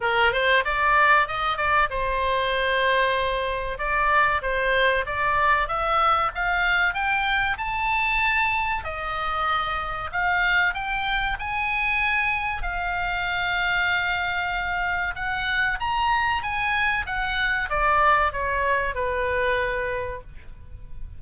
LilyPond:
\new Staff \with { instrumentName = "oboe" } { \time 4/4 \tempo 4 = 95 ais'8 c''8 d''4 dis''8 d''8 c''4~ | c''2 d''4 c''4 | d''4 e''4 f''4 g''4 | a''2 dis''2 |
f''4 g''4 gis''2 | f''1 | fis''4 ais''4 gis''4 fis''4 | d''4 cis''4 b'2 | }